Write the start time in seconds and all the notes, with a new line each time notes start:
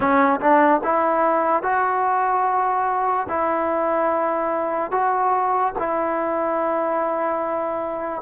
0.00 C#4
0.40 D4
0.83 E4
1.62 F#4
3.28 E4
4.91 F#4
5.78 E4